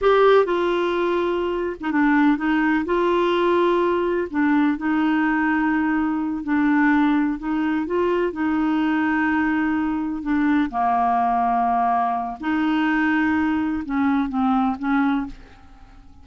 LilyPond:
\new Staff \with { instrumentName = "clarinet" } { \time 4/4 \tempo 4 = 126 g'4 f'2~ f'8. dis'16 | d'4 dis'4 f'2~ | f'4 d'4 dis'2~ | dis'4. d'2 dis'8~ |
dis'8 f'4 dis'2~ dis'8~ | dis'4. d'4 ais4.~ | ais2 dis'2~ | dis'4 cis'4 c'4 cis'4 | }